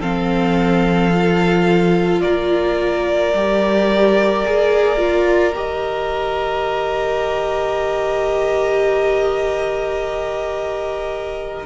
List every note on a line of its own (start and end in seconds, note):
0.00 2.23 F3
0.00 1.12 C4
0.00 2.22 A4
0.00 2.22 F5
1.12 3.34 F4
2.22 3.34 A#3
2.22 11.66 A#4
2.22 5.55 D5
3.34 4.45 G3
3.34 4.45 G4
4.45 5.56 A#3
4.45 4.98 G#4
4.98 5.53 F4
5.55 11.66 D#3
5.55 11.66 G4
5.55 11.66 D#5